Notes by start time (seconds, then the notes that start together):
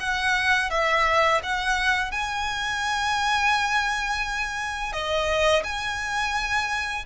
0.00 F#5
0.71 E5
1.43 F#5
2.11 G#5
4.93 D#5
5.64 G#5